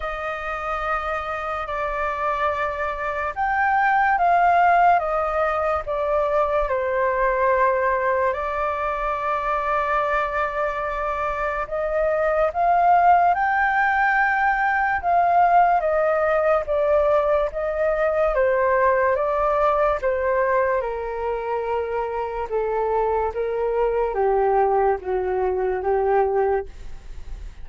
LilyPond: \new Staff \with { instrumentName = "flute" } { \time 4/4 \tempo 4 = 72 dis''2 d''2 | g''4 f''4 dis''4 d''4 | c''2 d''2~ | d''2 dis''4 f''4 |
g''2 f''4 dis''4 | d''4 dis''4 c''4 d''4 | c''4 ais'2 a'4 | ais'4 g'4 fis'4 g'4 | }